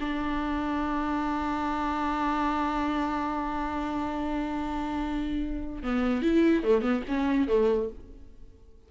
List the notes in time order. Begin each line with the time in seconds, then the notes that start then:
0.00 D4
5.83 B3
6.22 E4
6.64 A3
6.81 B3
7.08 C#4
7.48 A3